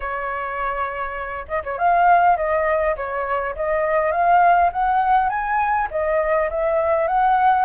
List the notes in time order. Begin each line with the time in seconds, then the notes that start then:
0.00 C#5
1.48 D#5
1.63 C#5
1.78 F5
2.36 D#5
2.96 C#5
3.55 D#5
4.11 F5
4.72 F#5
5.29 G#5
5.90 D#5
6.50 E5
7.07 F#5